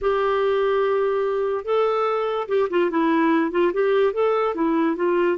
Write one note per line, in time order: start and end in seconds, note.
0.01 1.64 G4
1.64 2.47 A4
2.48 2.68 G4
2.70 2.90 F4
2.90 3.51 E4
3.51 3.71 F4
3.73 4.13 G4
4.13 4.54 A4
4.54 4.96 E4
4.96 5.37 F4